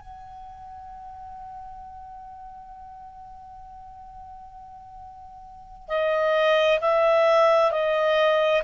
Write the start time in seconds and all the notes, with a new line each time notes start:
0.00 F#5
5.88 D#5
6.81 E5
7.71 D#5